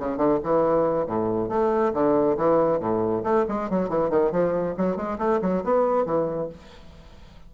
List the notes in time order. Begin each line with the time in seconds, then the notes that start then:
0.00 C#3
0.18 D3
0.44 E3
1.07 A2
1.49 A3
1.94 D3
2.38 E3
2.80 A2
3.24 A3
3.49 G#3
3.70 F#3
3.90 E3
4.10 D#3
4.32 F3
4.78 F#3
4.97 G#3
5.19 A3
5.42 F#3
5.64 B3
6.06 E3